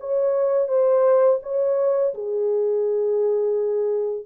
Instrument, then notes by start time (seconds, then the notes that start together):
horn
0.00 C#5
0.69 C5
1.43 C#5
2.14 G#4